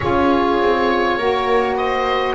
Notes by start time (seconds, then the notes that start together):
0.00 C#4 F4 G#4 C#5
0.60 C4
1.17 A#3 F#4 A#4
1.76 C5 D#5